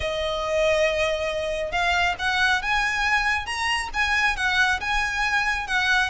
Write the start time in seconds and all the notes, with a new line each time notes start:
0.00 D#5
1.71 F5
2.19 F#5
2.62 G#5
3.45 A#5
3.93 G#5
4.36 F#5
4.80 G#5
5.67 F#5